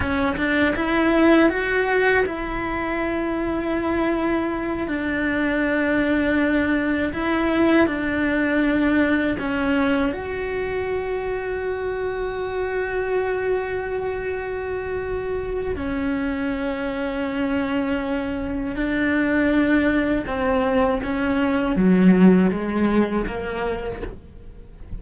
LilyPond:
\new Staff \with { instrumentName = "cello" } { \time 4/4 \tempo 4 = 80 cis'8 d'8 e'4 fis'4 e'4~ | e'2~ e'8 d'4.~ | d'4. e'4 d'4.~ | d'8 cis'4 fis'2~ fis'8~ |
fis'1~ | fis'4 cis'2.~ | cis'4 d'2 c'4 | cis'4 fis4 gis4 ais4 | }